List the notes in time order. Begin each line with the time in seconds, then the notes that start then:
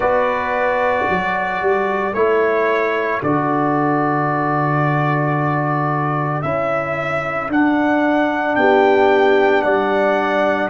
0.00 B3 F#4 B4 D5
1.06 F#3 A4
1.61 G3
2.13 A3 E4 C#5
3.22 D3 F#4 D5
6.42 C#4 E4 E5
7.48 D4 F#5
8.55 B3 G4 G5
9.62 G3 D5 F#5